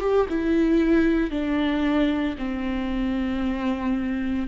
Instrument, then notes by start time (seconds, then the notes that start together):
viola
0.00 G4
0.29 E4
1.30 D4
2.38 C4